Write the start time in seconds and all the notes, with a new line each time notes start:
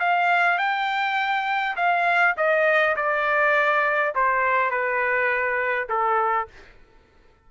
0.00 F5
0.58 G5
1.76 F5
2.37 D#5
2.96 D5
4.15 C5
4.71 B4
5.89 A4